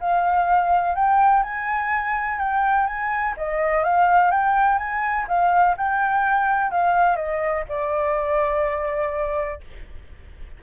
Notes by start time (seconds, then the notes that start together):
0.00 F5
0.95 G5
1.43 G#5
2.38 G5
2.86 G#5
3.37 D#5
3.84 F5
4.31 G5
4.78 G#5
5.28 F5
5.77 G5
6.71 F5
7.16 D#5
7.68 D5